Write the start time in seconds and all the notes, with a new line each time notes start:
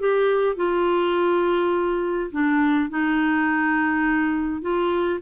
0.00 G4
0.56 F4
2.32 D4
2.90 D#4
4.62 F4